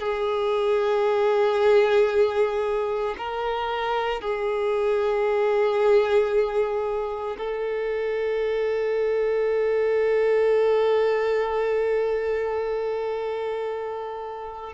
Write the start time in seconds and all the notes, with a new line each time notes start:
0.00 G#4
3.18 A#4
4.21 G#4
7.38 A4